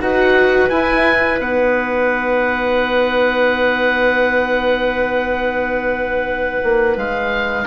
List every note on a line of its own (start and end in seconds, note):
0.00 0.70 D#4
0.00 0.70 F#4
0.00 7.67 B4
0.00 0.69 F#5
0.69 1.39 E4
0.69 1.39 G#5
1.39 6.62 B3
1.39 7.67 D#4
1.39 6.98 F#5
6.63 6.96 A#3
6.96 7.66 G#3
6.96 7.67 F5